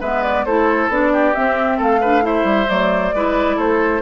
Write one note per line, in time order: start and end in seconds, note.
0.00 0.45 G#3
0.00 0.47 B3
0.00 0.45 B4
0.00 0.22 E5
0.22 0.44 D5
0.45 0.88 A3
0.45 0.90 E4
0.45 1.12 A4
0.45 0.90 C5
0.88 1.33 B3
0.88 1.34 D4
0.88 1.34 D5
1.12 1.77 G4
1.34 2.01 C4
1.34 1.79 C4
1.34 1.79 E5
1.77 2.44 A3
1.77 2.00 A4
1.77 2.25 F5
2.00 2.21 D4
2.00 2.23 B4
2.21 2.66 E4
2.21 3.15 C5
2.21 2.69 E5
2.44 2.66 G3
2.67 3.13 F#3
2.67 3.12 A3
2.67 3.59 D5
3.13 3.57 G#3
3.13 4.01 E4
3.13 3.56 B4
3.56 4.01 A3
3.56 4.01 A4
3.56 4.01 C5